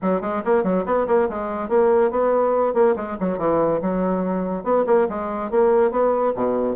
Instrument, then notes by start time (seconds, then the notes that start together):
bassoon
0.02 F#3
0.21 G#3
0.44 A#3
0.63 F#3
0.85 B3
1.07 A#3
1.29 G#3
1.68 A#3
2.10 B3
2.74 A#3
2.96 G#3
3.20 F#3
3.38 E3
3.81 F#3
4.63 B3
4.86 A#3
5.09 G#3
5.50 A#3
5.91 B3
6.35 B2